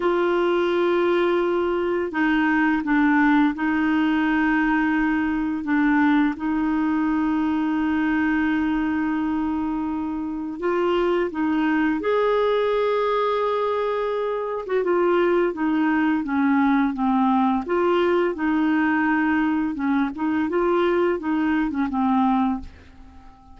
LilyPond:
\new Staff \with { instrumentName = "clarinet" } { \time 4/4 \tempo 4 = 85 f'2. dis'4 | d'4 dis'2. | d'4 dis'2.~ | dis'2. f'4 |
dis'4 gis'2.~ | gis'8. fis'16 f'4 dis'4 cis'4 | c'4 f'4 dis'2 | cis'8 dis'8 f'4 dis'8. cis'16 c'4 | }